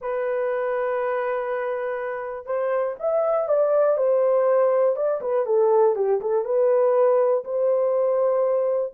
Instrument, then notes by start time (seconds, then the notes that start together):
horn
0.01 B4
2.46 C5
2.99 E5
3.48 D5
3.97 C5
4.95 D5
5.21 B4
5.46 A4
5.95 G4
6.20 A4
6.45 B4
7.44 C5